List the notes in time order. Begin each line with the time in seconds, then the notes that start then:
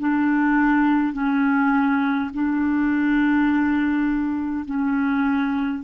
0.00 D4
1.13 C#4
2.34 D4
4.66 C#4